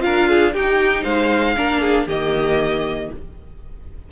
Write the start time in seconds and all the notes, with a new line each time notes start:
0.00 D4 F4 A#4 F5
0.29 G#4
0.54 D#4 G4 G5
1.04 G#3 C5 F5
1.56 A#3 D4 A#4
1.81 G#4
2.06 D#3 A#3 G4 D#5